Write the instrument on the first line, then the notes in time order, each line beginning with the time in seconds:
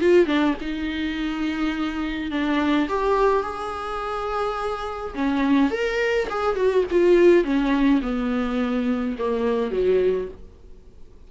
viola
0.00 F4
0.26 D4
0.61 D#4
2.31 D4
2.88 G4
3.42 G#4
5.14 C#4
5.70 A#4
6.29 G#4
6.55 F#4
6.90 F4
7.44 C#4
8.02 B3
9.18 A#3
9.71 F#3